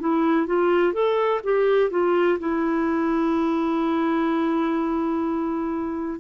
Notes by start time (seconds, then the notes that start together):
0.00 E4
0.46 F4
0.94 A4
1.44 G4
1.90 F4
2.39 E4